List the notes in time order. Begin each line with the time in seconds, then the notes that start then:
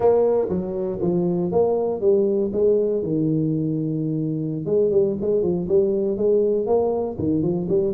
0.00 A#3
0.49 F#3
1.01 F3
1.51 A#3
2.01 G3
2.52 G#3
3.02 D#3
4.65 G#3
4.90 G3
5.21 G#3
5.42 F3
5.68 G3
6.17 G#3
6.66 A#3
7.18 D#3
7.42 F3
7.68 G3